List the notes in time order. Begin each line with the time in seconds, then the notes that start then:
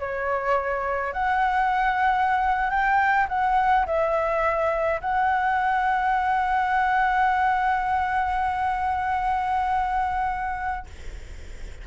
0.00 C#5
1.14 F#5
2.71 G5
3.29 F#5
3.87 E5
5.02 F#5